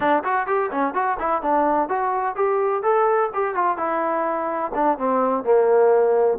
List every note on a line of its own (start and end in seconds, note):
0.00 0.23 D4
0.24 0.46 F#4
0.46 0.70 G4
0.71 0.93 C#4
0.93 1.17 F#4
1.19 1.42 E4
1.42 1.88 D4
1.88 2.35 F#4
2.35 2.83 G4
2.83 3.30 A4
3.33 3.54 G4
3.54 3.77 F4
3.77 4.71 E4
4.74 4.98 D4
4.98 5.43 C4
5.43 6.38 A#3